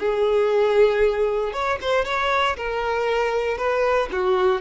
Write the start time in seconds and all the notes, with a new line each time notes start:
0.00 G#4
1.53 C#5
1.82 C5
2.06 C#5
2.57 A#4
3.58 B4
4.13 F#4